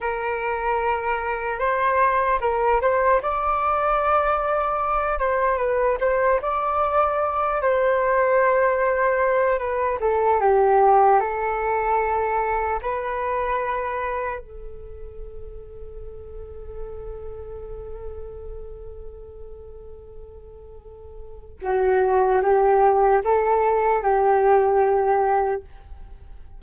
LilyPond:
\new Staff \with { instrumentName = "flute" } { \time 4/4 \tempo 4 = 75 ais'2 c''4 ais'8 c''8 | d''2~ d''8 c''8 b'8 c''8 | d''4. c''2~ c''8 | b'8 a'8 g'4 a'2 |
b'2 a'2~ | a'1~ | a'2. fis'4 | g'4 a'4 g'2 | }